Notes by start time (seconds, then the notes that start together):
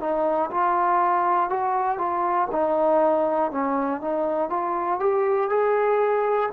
0.00 D#4
0.51 F4
1.50 F#4
1.98 F4
2.52 D#4
3.51 C#4
4.01 D#4
4.50 F4
5.00 G4
5.50 G#4